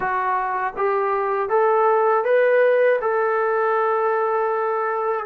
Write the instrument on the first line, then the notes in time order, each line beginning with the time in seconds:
trombone
0.00 F#4
0.76 G4
1.49 A4
2.24 B4
3.01 A4